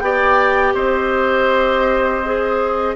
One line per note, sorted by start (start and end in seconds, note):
0.00 0.74 B3
0.00 2.25 G4
0.00 0.74 D5
0.00 0.74 G5
0.74 2.96 C4
0.74 2.96 C5
0.74 2.96 D#5
2.25 2.96 G#4